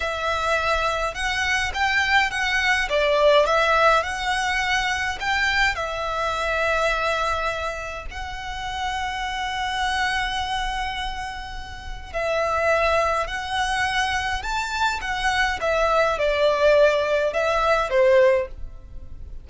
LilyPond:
\new Staff \with { instrumentName = "violin" } { \time 4/4 \tempo 4 = 104 e''2 fis''4 g''4 | fis''4 d''4 e''4 fis''4~ | fis''4 g''4 e''2~ | e''2 fis''2~ |
fis''1~ | fis''4 e''2 fis''4~ | fis''4 a''4 fis''4 e''4 | d''2 e''4 c''4 | }